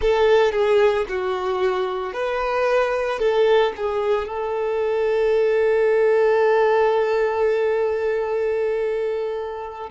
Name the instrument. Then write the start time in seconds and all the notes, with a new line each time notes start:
violin
0.00 A4
0.52 G#4
1.08 F#4
2.13 B4
3.19 A4
3.76 G#4
4.27 A4